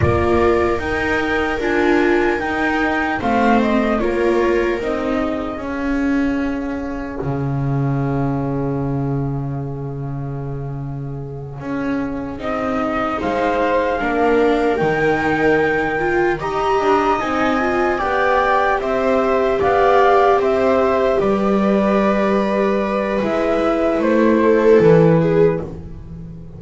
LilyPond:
<<
  \new Staff \with { instrumentName = "flute" } { \time 4/4 \tempo 4 = 75 d''4 g''4 gis''4 g''4 | f''8 dis''8 cis''4 dis''4 f''4~ | f''1~ | f''2.~ f''8 dis''8~ |
dis''8 f''2 g''4.~ | g''8 ais''4 gis''4 g''4 e''8~ | e''8 f''4 e''4 d''4.~ | d''4 e''4 c''4 b'4 | }
  \new Staff \with { instrumentName = "viola" } { \time 4/4 ais'1 | c''4 ais'4. gis'4.~ | gis'1~ | gis'1~ |
gis'8 c''4 ais'2~ ais'8~ | ais'8 dis''2 d''4 c''8~ | c''8 d''4 c''4 b'4.~ | b'2~ b'8 a'4 gis'8 | }
  \new Staff \with { instrumentName = "viola" } { \time 4/4 f'4 dis'4 f'4 dis'4 | c'4 f'4 dis'4 cis'4~ | cis'1~ | cis'2.~ cis'8 dis'8~ |
dis'4. d'4 dis'4. | f'8 g'4 dis'8 f'8 g'4.~ | g'1~ | g'4 e'2. | }
  \new Staff \with { instrumentName = "double bass" } { \time 4/4 ais4 dis'4 d'4 dis'4 | a4 ais4 c'4 cis'4~ | cis'4 cis2.~ | cis2~ cis8 cis'4 c'8~ |
c'8 gis4 ais4 dis4.~ | dis8 dis'8 d'8 c'4 b4 c'8~ | c'8 b4 c'4 g4.~ | g4 gis4 a4 e4 | }
>>